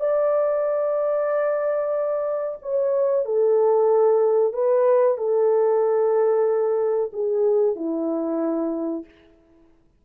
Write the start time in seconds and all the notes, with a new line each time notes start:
0.00 D5
2.62 C#5
3.25 A4
4.53 B4
5.18 A4
7.13 G#4
7.76 E4